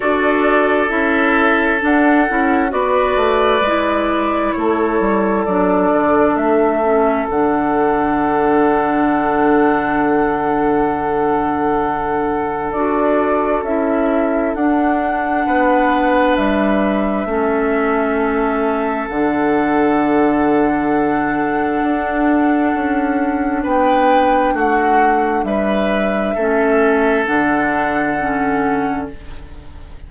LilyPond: <<
  \new Staff \with { instrumentName = "flute" } { \time 4/4 \tempo 4 = 66 d''4 e''4 fis''4 d''4~ | d''4 cis''4 d''4 e''4 | fis''1~ | fis''2 d''4 e''4 |
fis''2 e''2~ | e''4 fis''2.~ | fis''2 g''4 fis''4 | e''2 fis''2 | }
  \new Staff \with { instrumentName = "oboe" } { \time 4/4 a'2. b'4~ | b'4 a'2.~ | a'1~ | a'1~ |
a'4 b'2 a'4~ | a'1~ | a'2 b'4 fis'4 | b'4 a'2. | }
  \new Staff \with { instrumentName = "clarinet" } { \time 4/4 fis'4 e'4 d'8 e'8 fis'4 | e'2 d'4. cis'8 | d'1~ | d'2 fis'4 e'4 |
d'2. cis'4~ | cis'4 d'2.~ | d'1~ | d'4 cis'4 d'4 cis'4 | }
  \new Staff \with { instrumentName = "bassoon" } { \time 4/4 d'4 cis'4 d'8 cis'8 b8 a8 | gis4 a8 g8 fis8 d8 a4 | d1~ | d2 d'4 cis'4 |
d'4 b4 g4 a4~ | a4 d2. | d'4 cis'4 b4 a4 | g4 a4 d2 | }
>>